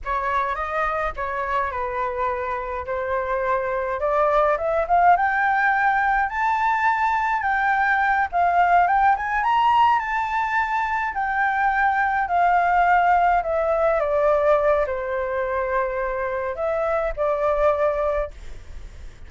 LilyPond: \new Staff \with { instrumentName = "flute" } { \time 4/4 \tempo 4 = 105 cis''4 dis''4 cis''4 b'4~ | b'4 c''2 d''4 | e''8 f''8 g''2 a''4~ | a''4 g''4. f''4 g''8 |
gis''8 ais''4 a''2 g''8~ | g''4. f''2 e''8~ | e''8 d''4. c''2~ | c''4 e''4 d''2 | }